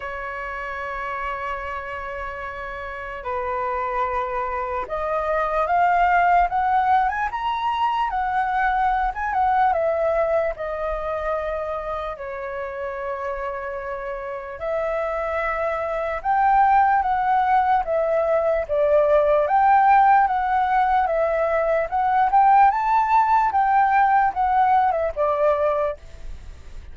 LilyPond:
\new Staff \with { instrumentName = "flute" } { \time 4/4 \tempo 4 = 74 cis''1 | b'2 dis''4 f''4 | fis''8. gis''16 ais''4 fis''4~ fis''16 gis''16 fis''8 | e''4 dis''2 cis''4~ |
cis''2 e''2 | g''4 fis''4 e''4 d''4 | g''4 fis''4 e''4 fis''8 g''8 | a''4 g''4 fis''8. e''16 d''4 | }